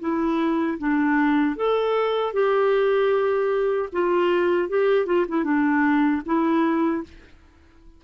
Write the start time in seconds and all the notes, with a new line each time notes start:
0.00 E4
0.78 D4
1.56 A4
2.33 G4
3.92 F4
4.69 G4
5.06 F4
5.28 E4
5.44 D4
6.26 E4